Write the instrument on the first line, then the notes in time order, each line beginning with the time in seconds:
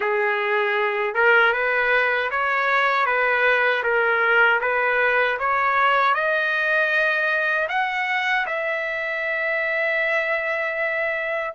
trumpet
0.00 G#4
1.14 A#4
1.52 B4
2.30 C#5
3.06 B4
3.83 A#4
4.60 B4
5.39 C#5
6.14 D#5
7.69 F#5
8.46 E5